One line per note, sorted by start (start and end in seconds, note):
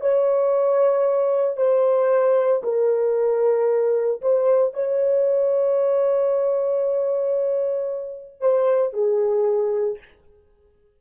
0.00 1.56 C#5
1.56 2.62 C5
2.63 4.21 A#4
4.22 4.73 C5
4.73 8.40 C#5
8.40 8.93 C5
8.93 9.98 G#4